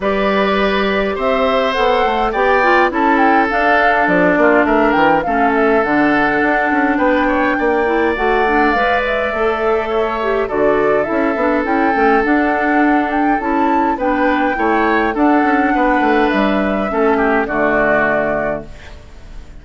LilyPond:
<<
  \new Staff \with { instrumentName = "flute" } { \time 4/4 \tempo 4 = 103 d''2 e''4 fis''4 | g''4 a''8 g''8 f''4 d''4 | e''8 g''8 f''8 e''8 fis''2 | g''2 fis''4 f''8 e''8~ |
e''2 d''4 e''4 | g''4 fis''4. g''8 a''4 | g''2 fis''2 | e''2 d''2 | }
  \new Staff \with { instrumentName = "oboe" } { \time 4/4 b'2 c''2 | d''4 a'2~ a'8 f'8 | ais'4 a'2. | b'8 cis''8 d''2.~ |
d''4 cis''4 a'2~ | a'1 | b'4 cis''4 a'4 b'4~ | b'4 a'8 g'8 fis'2 | }
  \new Staff \with { instrumentName = "clarinet" } { \time 4/4 g'2. a'4 | g'8 f'8 e'4 d'2~ | d'4 cis'4 d'2~ | d'4. e'8 fis'8 d'8 b'4 |
a'4. g'8 fis'4 e'8 d'8 | e'8 cis'8 d'2 e'4 | d'4 e'4 d'2~ | d'4 cis'4 a2 | }
  \new Staff \with { instrumentName = "bassoon" } { \time 4/4 g2 c'4 b8 a8 | b4 cis'4 d'4 f8 ais8 | a8 e8 a4 d4 d'8 cis'8 | b4 ais4 a4 gis4 |
a2 d4 cis'8 b8 | cis'8 a8 d'2 cis'4 | b4 a4 d'8 cis'8 b8 a8 | g4 a4 d2 | }
>>